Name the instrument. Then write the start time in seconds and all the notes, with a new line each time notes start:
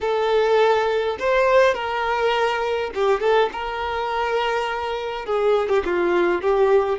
violin
0.00 A4
1.19 C5
1.74 A#4
2.94 G4
3.20 A4
3.52 A#4
5.25 G#4
5.68 G4
5.85 F4
6.41 G4